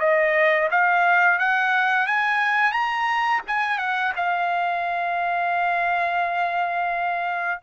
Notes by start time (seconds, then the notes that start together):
0.00 D#5
0.71 F5
1.39 F#5
2.07 G#5
2.72 A#5
3.47 G#5
3.78 F#5
4.16 F5